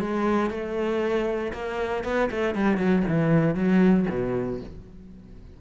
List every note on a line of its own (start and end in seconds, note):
0.00 0.51 G#3
0.51 1.52 A3
1.53 2.04 A#3
2.04 2.30 B3
2.31 2.55 A3
2.55 2.77 G3
2.77 3.03 F#3
3.08 3.55 E3
3.55 4.06 F#3
4.10 4.61 B2